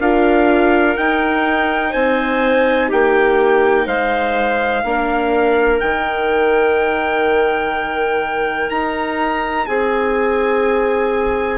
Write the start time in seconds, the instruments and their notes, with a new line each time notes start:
0.00 bassoon D4, viola F4, clarinet A#4, trumpet F5
0.97 bassoon D#4, viola D#4, trumpet G5
1.90 bassoon C4, clarinet C5, trumpet G#5
2.88 bassoon A#3, clarinet G4, trumpet G5
3.85 bassoon G#3, clarinet C5, trumpet F5
4.84 bassoon A#3, viola D4, clarinet A#4
5.80 bassoon D#3, viola D#4, trumpet G5
8.70 bassoon D#4, trumpet A#5
9.67 bassoon C4, clarinet G#4, trumpet G#5